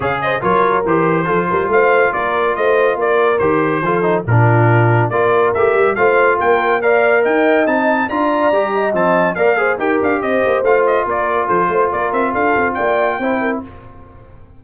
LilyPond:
<<
  \new Staff \with { instrumentName = "trumpet" } { \time 4/4 \tempo 4 = 141 f''8 dis''8 cis''4 c''2 | f''4 d''4 dis''4 d''4 | c''2 ais'2 | d''4 e''4 f''4 g''4 |
f''4 g''4 a''4 ais''4~ | ais''4 a''4 f''4 g''8 f''8 | dis''4 f''8 dis''8 d''4 c''4 | d''8 e''8 f''4 g''2 | }
  \new Staff \with { instrumentName = "horn" } { \time 4/4 cis''8 c''8 ais'2 a'8 ais'8 | c''4 ais'4 c''4 ais'4~ | ais'4 a'4 f'2 | ais'2 c''4 ais'4 |
d''4 dis''2 d''4~ | d''8 dis''4. d''8 c''8 ais'4 | c''2 ais'4 a'8 c''8 | ais'4 a'4 d''4 c''8 ais'8 | }
  \new Staff \with { instrumentName = "trombone" } { \time 4/4 gis'4 f'4 g'4 f'4~ | f'1 | g'4 f'8 dis'8 d'2 | f'4 g'4 f'2 |
ais'2 dis'4 f'4 | g'4 c'4 ais'8 gis'8 g'4~ | g'4 f'2.~ | f'2. e'4 | }
  \new Staff \with { instrumentName = "tuba" } { \time 4/4 cis4 fis4 e4 f8 g8 | a4 ais4 a4 ais4 | dis4 f4 ais,2 | ais4 a8 g8 a4 ais4~ |
ais4 dis'4 c'4 d'4 | g4 f4 ais4 dis'8 d'8 | c'8 ais8 a4 ais4 f8 a8 | ais8 c'8 d'8 c'8 ais4 c'4 | }
>>